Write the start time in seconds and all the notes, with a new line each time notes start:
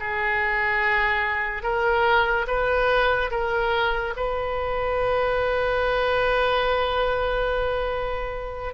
0.00 G#4
1.63 A#4
2.47 B4
3.31 A#4
4.16 B4